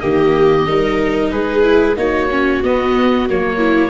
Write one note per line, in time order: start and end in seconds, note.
0.00 0.68 D#3
0.00 0.66 A#3
0.00 0.67 G4
0.00 1.30 D#5
0.66 1.32 G3
0.66 1.63 D#4
0.66 1.32 A#4
1.31 1.96 G#3
1.31 1.97 G#4
1.31 1.96 B4
1.63 1.95 E4
1.96 2.61 A#3
1.96 2.29 D#4
1.96 3.58 F#4
1.96 2.63 C#5
2.31 2.63 C#4
2.63 3.28 B3
2.63 3.29 B3
2.63 3.29 D#5
3.29 3.90 F#3
3.29 3.90 A#3
3.29 3.90 C#5
3.58 3.90 E4